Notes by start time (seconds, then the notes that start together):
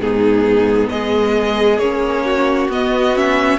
0.00 G#2 B3 D#4 G#4
0.90 G#3 G#4 D#5
1.79 A#3 C#4 C#5
2.25 F#4
2.68 B3 D#5
3.15 C#4 E5